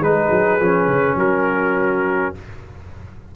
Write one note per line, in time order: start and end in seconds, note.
0.00 0.29 G#3
0.00 0.59 D#4
0.00 1.17 G#4
0.00 1.18 B4
0.31 0.60 F#3
0.60 0.87 F3
0.60 2.34 C#4
0.87 1.15 C#3
1.15 2.31 F#3
1.15 2.35 F#4
1.15 2.35 A#4